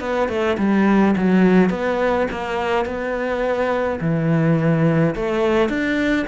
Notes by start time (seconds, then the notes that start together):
0.00 B3
0.28 A3
0.58 G3
1.16 F#3
1.69 B3
2.31 A#3
2.85 B3
4.00 E3
5.15 A3
5.69 D4